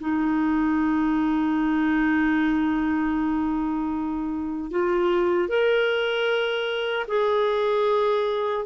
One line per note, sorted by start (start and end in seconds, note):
0.00 4.71 D#4
4.71 5.49 F4
5.49 7.07 A#4
7.08 8.66 G#4